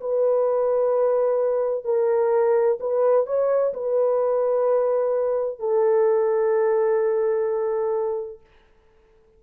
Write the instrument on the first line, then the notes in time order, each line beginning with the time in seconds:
horn
0.00 B4
1.84 A#4
2.80 B4
3.26 C#5
3.73 B4
5.59 A4